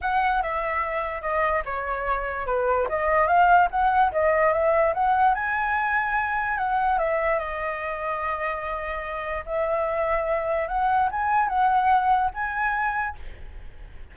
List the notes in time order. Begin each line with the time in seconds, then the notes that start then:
0.01 F#5
0.42 E5
1.21 D#5
1.65 C#5
2.46 B4
2.88 D#5
3.27 F5
3.70 F#5
4.12 D#5
4.52 E5
4.94 F#5
5.34 G#5
6.57 F#5
6.98 E5
7.39 D#5
9.45 E5
10.68 F#5
11.11 G#5
11.48 F#5
12.34 G#5